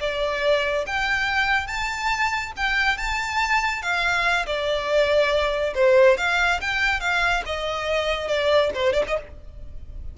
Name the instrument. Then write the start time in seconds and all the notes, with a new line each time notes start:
violin
0.00 D5
0.86 G5
1.67 A5
2.56 G5
2.97 A5
3.82 F5
4.46 D5
5.74 C5
6.17 F5
6.61 G5
7.00 F5
7.46 D#5
8.28 D5
8.74 C5
8.93 D5
9.07 D#5